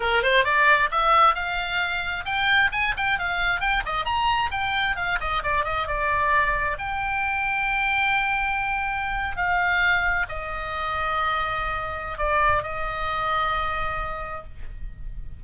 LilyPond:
\new Staff \with { instrumentName = "oboe" } { \time 4/4 \tempo 4 = 133 ais'8 c''8 d''4 e''4 f''4~ | f''4 g''4 gis''8 g''8 f''4 | g''8 dis''8 ais''4 g''4 f''8 dis''8 | d''8 dis''8 d''2 g''4~ |
g''1~ | g''8. f''2 dis''4~ dis''16~ | dis''2. d''4 | dis''1 | }